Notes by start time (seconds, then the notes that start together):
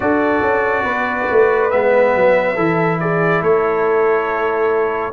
0.00 D4 F#4 A4 D5
0.41 C#4
0.83 B3 B4
1.30 A3
1.70 G#3 B3 E5
2.15 F#3
2.55 E3 E4 A4
2.99 G#4 D5
3.42 A3 A4 C#5